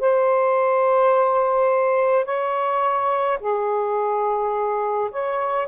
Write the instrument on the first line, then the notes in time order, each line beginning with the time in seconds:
saxophone
0.00 C5
2.25 C#5
3.40 G#4
5.11 C#5